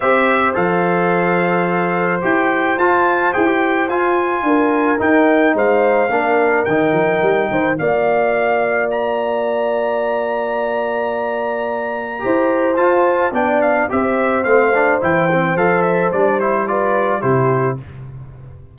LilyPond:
<<
  \new Staff \with { instrumentName = "trumpet" } { \time 4/4 \tempo 4 = 108 e''4 f''2. | g''4 a''4 g''4 gis''4~ | gis''4 g''4 f''2 | g''2 f''2 |
ais''1~ | ais''2. a''4 | g''8 f''8 e''4 f''4 g''4 | f''8 e''8 d''8 c''8 d''4 c''4 | }
  \new Staff \with { instrumentName = "horn" } { \time 4/4 c''1~ | c''1 | ais'2 c''4 ais'4~ | ais'4. c''8 d''2~ |
d''1~ | d''2 c''2 | d''4 c''2.~ | c''2 b'4 g'4 | }
  \new Staff \with { instrumentName = "trombone" } { \time 4/4 g'4 a'2. | g'4 f'4 gis'16 g'8. f'4~ | f'4 dis'2 d'4 | dis'2 f'2~ |
f'1~ | f'2 g'4 f'4 | d'4 g'4 c'8 d'8 e'8 c'8 | a'4 d'8 e'8 f'4 e'4 | }
  \new Staff \with { instrumentName = "tuba" } { \time 4/4 c'4 f2. | e'4 f'4 e'4 f'4 | d'4 dis'4 gis4 ais4 | dis8 f8 g8 dis8 ais2~ |
ais1~ | ais2 e'4 f'4 | b4 c'4 a4 e4 | f4 g2 c4 | }
>>